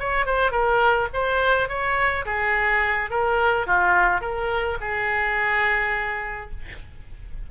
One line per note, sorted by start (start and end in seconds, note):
0.00 0.27 C#5
0.27 0.52 C5
0.52 1.09 A#4
1.14 1.69 C5
1.69 2.25 C#5
2.26 3.11 G#4
3.11 3.67 A#4
3.67 4.21 F4
4.21 4.78 A#4
4.81 6.51 G#4